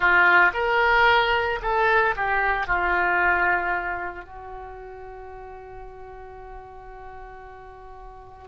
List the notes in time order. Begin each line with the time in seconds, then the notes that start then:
0.00 F4
0.53 A#4
1.61 A4
2.16 G4
2.66 F4
4.25 F#4